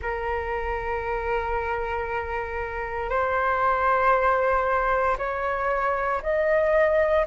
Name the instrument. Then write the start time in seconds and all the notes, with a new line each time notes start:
flute
0.01 A#4
3.09 C5
5.18 C#5
6.22 D#5